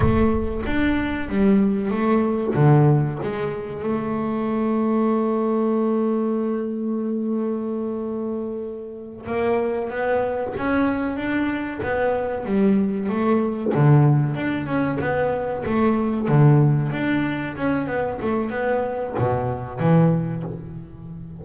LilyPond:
\new Staff \with { instrumentName = "double bass" } { \time 4/4 \tempo 4 = 94 a4 d'4 g4 a4 | d4 gis4 a2~ | a1~ | a2~ a8 ais4 b8~ |
b8 cis'4 d'4 b4 g8~ | g8 a4 d4 d'8 cis'8 b8~ | b8 a4 d4 d'4 cis'8 | b8 a8 b4 b,4 e4 | }